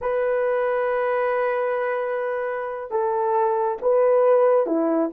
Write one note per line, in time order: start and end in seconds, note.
0.01 2.91 B4
2.91 3.77 A4
3.81 4.66 B4
4.66 5.10 E4